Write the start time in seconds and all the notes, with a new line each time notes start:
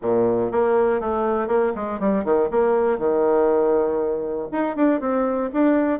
0.02 A#2
0.51 A#3
1.00 A3
1.47 A#3
1.75 G#3
1.99 G3
2.24 D#3
2.50 A#3
2.98 D#3
4.51 D#4
4.76 D4
5.00 C4
5.53 D4